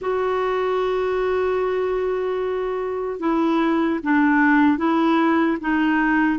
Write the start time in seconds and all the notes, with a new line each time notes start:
0.01 F#4
3.19 E4
4.03 D4
4.77 E4
5.60 D#4